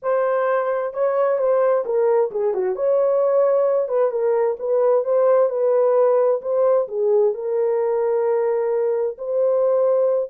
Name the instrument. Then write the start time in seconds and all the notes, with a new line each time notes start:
horn
0.02 C5
0.93 C#5
1.38 C5
1.85 A#4
2.31 G#4
2.54 F#4
2.75 C#5
3.88 B4
4.11 A#4
4.59 B4
5.04 C5
5.49 B4
6.41 C5
6.88 G#4
7.34 A#4
9.17 C5